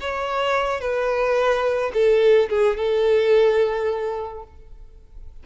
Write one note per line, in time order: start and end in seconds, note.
0.00 0.81 C#5
0.81 1.92 B4
1.94 2.49 A4
2.49 2.77 G#4
2.77 4.43 A4